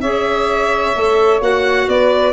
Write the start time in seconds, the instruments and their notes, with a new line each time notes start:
0.00 tuba C#4, clarinet G#4, saxophone C#5, violin E5
0.95 tuba A3, clarinet A4
1.41 tuba A#3, clarinet F#4, violin F#5
1.87 tuba B3, saxophone B4, violin D5